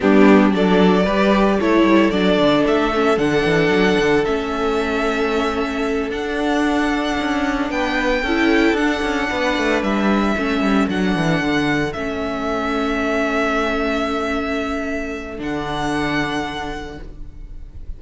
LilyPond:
<<
  \new Staff \with { instrumentName = "violin" } { \time 4/4 \tempo 4 = 113 g'4 d''2 cis''4 | d''4 e''4 fis''2 | e''2.~ e''8 fis''8~ | fis''2~ fis''8 g''4.~ |
g''8 fis''2 e''4.~ | e''8 fis''2 e''4.~ | e''1~ | e''4 fis''2. | }
  \new Staff \with { instrumentName = "violin" } { \time 4/4 d'4 a'4 b'4 a'4~ | a'1~ | a'1~ | a'2~ a'8 b'4 a'8~ |
a'4. b'2 a'8~ | a'1~ | a'1~ | a'1 | }
  \new Staff \with { instrumentName = "viola" } { \time 4/4 b4 d'4 g'4 e'4 | d'4. cis'8 d'2 | cis'2.~ cis'8 d'8~ | d'2.~ d'8 e'8~ |
e'8 d'2. cis'8~ | cis'8 d'2 cis'4.~ | cis'1~ | cis'4 d'2. | }
  \new Staff \with { instrumentName = "cello" } { \time 4/4 g4 fis4 g4 a8 g8 | fis8 d8 a4 d8 e8 fis8 d8 | a2.~ a8 d'8~ | d'4. cis'4 b4 cis'8~ |
cis'8 d'8 cis'8 b8 a8 g4 a8 | g8 fis8 e8 d4 a4.~ | a1~ | a4 d2. | }
>>